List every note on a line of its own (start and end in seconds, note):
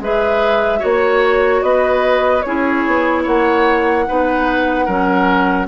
0.00 0.81 G#3
0.00 0.80 G#4
0.00 0.80 B4
0.00 0.84 E5
0.80 1.62 A#3
0.80 2.42 F#4
0.80 1.61 C#5
0.80 1.63 C#5
1.62 2.44 B3
1.62 2.46 B4
1.62 2.42 D#5
2.42 2.87 C#4
2.42 4.07 E4
2.42 3.23 G#4
2.42 3.23 C#5
2.87 3.27 B3
3.23 4.08 A#3
3.23 4.05 C#5
3.23 5.68 F#5
4.07 4.88 B3
4.07 4.88 D#4
4.07 4.86 B4
4.86 5.68 F#3
4.86 5.68 C#4
4.86 5.67 A#4